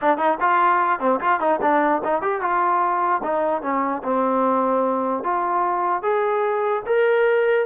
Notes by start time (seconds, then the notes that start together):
0.01 D4
0.17 D#4
0.40 F4
0.99 C4
1.20 F4
1.40 D#4
1.61 D4
2.04 D#4
2.21 G4
2.41 F4
3.23 D#4
3.62 C#4
4.03 C4
5.23 F4
6.02 G#4
6.86 A#4